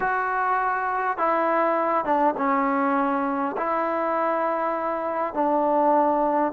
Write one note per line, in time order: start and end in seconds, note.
0.00 1.17 F#4
1.17 2.04 E4
2.04 2.34 D4
2.37 3.56 C#4
3.57 5.33 E4
5.33 6.52 D4